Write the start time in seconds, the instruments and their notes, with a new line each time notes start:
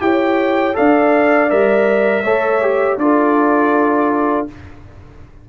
0.00 tuba E4, trombone G4, horn C#5, trumpet G5
0.74 tuba D4, trombone A4, horn D5, trumpet F5
1.49 tuba G3, trombone A#4, trumpet E5
2.24 tuba A3, trombone A4, horn C#5
2.62 trombone G4
2.97 tuba D4, trombone F4, horn A4, trumpet D5